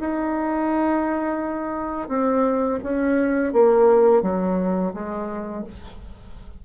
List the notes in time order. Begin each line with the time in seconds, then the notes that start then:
0.00 D#4
2.08 C4
2.83 C#4
3.53 A#3
4.22 F#3
4.93 G#3